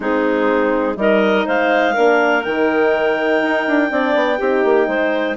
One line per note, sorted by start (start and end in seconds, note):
0.00 0.96 G#3
0.00 0.96 C4
0.00 0.95 D#4
0.00 0.98 G#4
0.96 1.45 G3
0.96 1.94 D#4
0.96 1.45 A#4
0.96 1.47 D#5
1.45 1.96 G#3
1.45 1.93 C5
1.45 2.44 F5
1.93 2.45 A#3
1.93 2.44 D4
1.93 3.88 A#4
2.44 3.42 D#3
2.44 3.89 D#4
2.44 5.36 G5
3.42 3.66 D#4
3.67 3.91 D4
3.89 4.15 C4
3.89 4.38 D4
3.89 4.38 D5
4.15 4.39 B3
4.38 4.64 C4
4.38 5.37 D#4
4.38 4.87 G4
4.64 4.87 A#3
4.87 5.36 G#3
4.87 5.35 C5